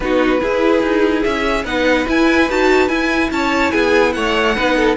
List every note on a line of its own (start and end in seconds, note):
0.00 0.40 B3
0.00 0.39 D#4
0.00 0.41 F#4
0.00 1.23 B4
0.39 1.63 E4
0.39 0.82 E4
0.39 1.64 G#4
0.82 1.24 D#4
1.23 1.64 C#4
1.23 1.64 E5
1.64 2.05 B3
1.64 2.06 D#4
1.64 3.30 B4
1.64 2.07 F#5
2.06 2.47 E4
2.06 2.49 E4
2.06 2.50 G#5
2.49 2.89 D#4
2.49 2.88 F#4
2.49 2.88 A5
2.88 4.53 E4
2.88 3.30 E4
2.88 3.29 G#5
3.30 3.72 C#4
3.30 3.72 C#5
3.30 3.71 A5
3.71 4.15 B3
3.71 4.14 G#4
3.71 4.12 G#5
4.12 4.57 A3
4.12 4.55 C#5
4.12 4.95 F#5
4.55 4.96 B3
4.55 4.96 D#4
4.55 4.76 B4
4.76 4.96 A4